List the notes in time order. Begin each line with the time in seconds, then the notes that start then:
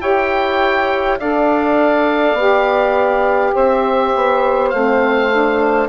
0.00 E4 G4 C#5 G5
1.18 D4 A4 D5 F5
2.34 B3 G4
3.53 C4 C5 E5
4.15 B3
4.69 A3 C4 F5
5.31 D4